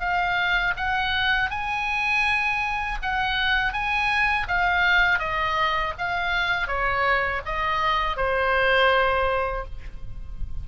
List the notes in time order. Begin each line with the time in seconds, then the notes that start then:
0.00 F5
0.77 F#5
1.51 G#5
3.03 F#5
3.73 G#5
4.48 F5
5.20 D#5
5.98 F5
6.68 C#5
7.46 D#5
8.17 C5